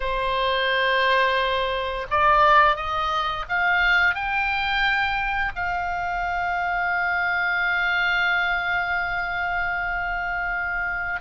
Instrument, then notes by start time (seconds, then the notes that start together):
oboe
0.00 C5
2.10 D5
2.76 D#5
3.48 F5
4.14 G5
5.55 F5